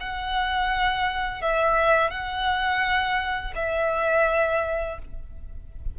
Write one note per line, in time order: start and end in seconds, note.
0.00 1.42 F#5
1.42 2.10 E5
2.10 3.53 F#5
3.56 4.98 E5